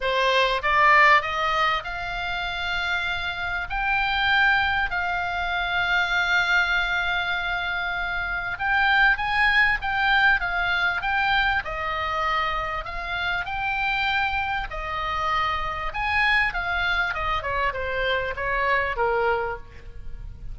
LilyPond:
\new Staff \with { instrumentName = "oboe" } { \time 4/4 \tempo 4 = 98 c''4 d''4 dis''4 f''4~ | f''2 g''2 | f''1~ | f''2 g''4 gis''4 |
g''4 f''4 g''4 dis''4~ | dis''4 f''4 g''2 | dis''2 gis''4 f''4 | dis''8 cis''8 c''4 cis''4 ais'4 | }